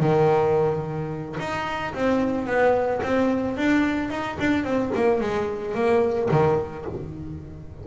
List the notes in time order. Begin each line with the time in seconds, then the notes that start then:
0.00 D#3
1.40 D#4
1.94 C4
2.47 B3
3.03 C4
3.57 D4
4.11 D#4
4.40 D4
4.64 C4
4.95 A#3
5.21 G#3
5.75 A#3
6.31 D#3